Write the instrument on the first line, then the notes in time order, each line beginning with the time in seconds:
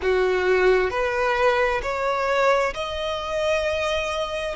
violin
0.02 F#4
0.90 B4
1.82 C#5
2.74 D#5